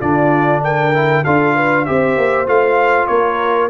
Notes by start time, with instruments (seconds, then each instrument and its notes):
0.00 tuba D3, trombone D4, horn F4, trumpet D5
0.64 horn A#4, trumpet G5
0.94 trombone E4
1.24 tuba D4, trombone F4, horn A4, trumpet F5
1.56 horn B4
1.85 tuba C4, trombone G4, horn C5, trumpet E5
2.18 tuba A#3
2.47 tuba A3, trombone F4, trumpet F5
3.07 tuba A#3, horn A#4, trumpet C#5